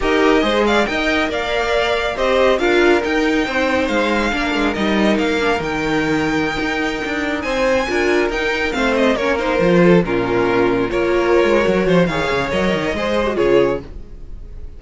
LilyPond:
<<
  \new Staff \with { instrumentName = "violin" } { \time 4/4 \tempo 4 = 139 dis''4. f''8 g''4 f''4~ | f''4 dis''4 f''4 g''4~ | g''4 f''2 dis''4 | f''4 g''2.~ |
g''4~ g''16 gis''2 g''8.~ | g''16 f''8 dis''8 cis''8 c''4. ais'8.~ | ais'4~ ais'16 cis''2~ cis''8. | f''4 dis''2 cis''4 | }
  \new Staff \with { instrumentName = "violin" } { \time 4/4 ais'4 c''8 d''8 dis''4 d''4~ | d''4 c''4 ais'2 | c''2 ais'2~ | ais'1~ |
ais'4~ ais'16 c''4 ais'4.~ ais'16~ | ais'16 c''4 ais'4. a'8 f'8.~ | f'4~ f'16 ais'2~ ais'16 c''8 | cis''2 c''4 gis'4 | }
  \new Staff \with { instrumentName = "viola" } { \time 4/4 g'4 gis'4 ais'2~ | ais'4 g'4 f'4 dis'4~ | dis'2 d'4 dis'4~ | dis'8 d'8 dis'2.~ |
dis'2~ dis'16 f'4 dis'8.~ | dis'16 c'4 cis'8 dis'8 f'4 cis'8.~ | cis'4~ cis'16 f'4.~ f'16 fis'4 | gis'4 ais'4 gis'8. fis'16 f'4 | }
  \new Staff \with { instrumentName = "cello" } { \time 4/4 dis'4 gis4 dis'4 ais4~ | ais4 c'4 d'4 dis'4 | c'4 gis4 ais8 gis8 g4 | ais4 dis2~ dis16 dis'8.~ |
dis'16 d'4 c'4 d'4 dis'8.~ | dis'16 a4 ais4 f4 ais,8.~ | ais,4~ ais,16 ais4~ ais16 gis8 fis8 f8 | dis8 cis8 fis8 dis8 gis4 cis4 | }
>>